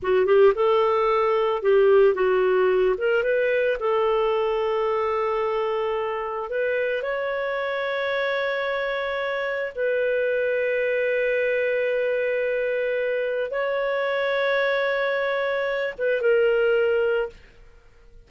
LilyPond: \new Staff \with { instrumentName = "clarinet" } { \time 4/4 \tempo 4 = 111 fis'8 g'8 a'2 g'4 | fis'4. ais'8 b'4 a'4~ | a'1 | b'4 cis''2.~ |
cis''2 b'2~ | b'1~ | b'4 cis''2.~ | cis''4. b'8 ais'2 | }